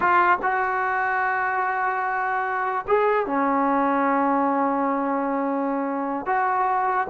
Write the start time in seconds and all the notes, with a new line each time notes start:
0.00 F4
0.42 F#4
2.87 G#4
3.26 C#4
6.26 F#4